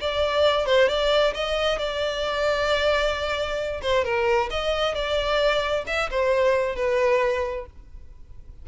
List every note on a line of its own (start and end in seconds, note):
0.00 0.66 D5
0.66 0.88 C5
0.88 1.33 D5
1.34 1.78 D#5
1.78 3.81 D5
3.81 4.04 C5
4.04 4.49 A#4
4.50 4.94 D#5
4.94 5.85 D5
5.87 6.09 E5
6.10 6.75 C5
6.75 7.66 B4